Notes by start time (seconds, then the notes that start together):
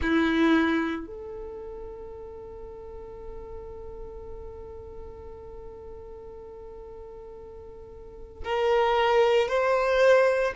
0.01 E4
1.06 A4
8.44 A#4
9.48 C5